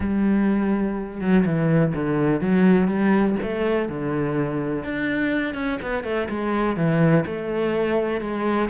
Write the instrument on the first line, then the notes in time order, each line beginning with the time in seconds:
cello
0.00 G3
1.20 F#3
1.45 E3
1.94 D3
2.40 F#3
2.87 G3
3.42 A3
3.88 D3
4.84 D4
5.54 C#4
5.82 B3
6.03 A3
6.29 G#3
6.76 E3
7.26 A3
8.20 G#3